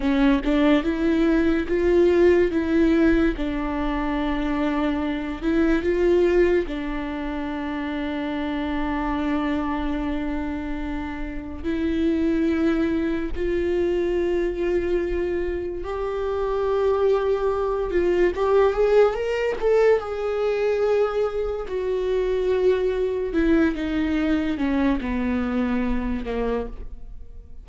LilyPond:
\new Staff \with { instrumentName = "viola" } { \time 4/4 \tempo 4 = 72 cis'8 d'8 e'4 f'4 e'4 | d'2~ d'8 e'8 f'4 | d'1~ | d'2 e'2 |
f'2. g'4~ | g'4. f'8 g'8 gis'8 ais'8 a'8 | gis'2 fis'2 | e'8 dis'4 cis'8 b4. ais8 | }